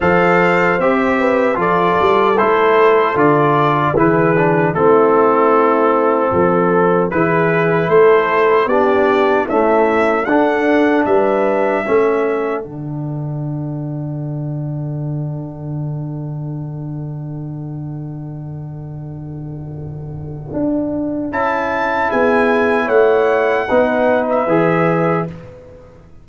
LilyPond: <<
  \new Staff \with { instrumentName = "trumpet" } { \time 4/4 \tempo 4 = 76 f''4 e''4 d''4 c''4 | d''4 b'4 a'2~ | a'4 b'4 c''4 d''4 | e''4 fis''4 e''2 |
fis''1~ | fis''1~ | fis''2. a''4 | gis''4 fis''4.~ fis''16 e''4~ e''16 | }
  \new Staff \with { instrumentName = "horn" } { \time 4/4 c''4. b'8 a'2~ | a'4 gis'4 e'2 | a'4 gis'4 a'4 g'4 | e'4 a'4 b'4 a'4~ |
a'1~ | a'1~ | a'1 | gis'4 cis''4 b'2 | }
  \new Staff \with { instrumentName = "trombone" } { \time 4/4 a'4 g'4 f'4 e'4 | f'4 e'8 d'8 c'2~ | c'4 e'2 d'4 | a4 d'2 cis'4 |
d'1~ | d'1~ | d'2. e'4~ | e'2 dis'4 gis'4 | }
  \new Staff \with { instrumentName = "tuba" } { \time 4/4 f4 c'4 f8 g8 a4 | d4 e4 a2 | f4 e4 a4 b4 | cis'4 d'4 g4 a4 |
d1~ | d1~ | d2 d'4 cis'4 | b4 a4 b4 e4 | }
>>